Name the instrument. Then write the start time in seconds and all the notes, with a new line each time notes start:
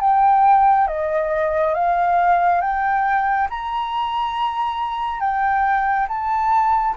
flute
0.00 G5
0.87 D#5
1.74 F5
2.61 G5
3.49 A#5
5.20 G5
6.08 A5